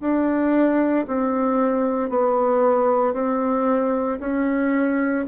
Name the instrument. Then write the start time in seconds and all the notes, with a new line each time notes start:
bassoon
0.00 D4
1.07 C4
2.09 B3
3.13 C4
4.20 C#4